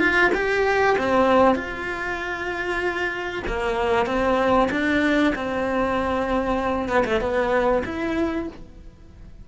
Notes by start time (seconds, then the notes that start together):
0.00 F4
0.35 G4
0.99 C4
1.56 F4
3.48 A#3
4.07 C4
4.72 D4
5.36 C4
6.89 B3
7.06 A3
7.21 B3
7.86 E4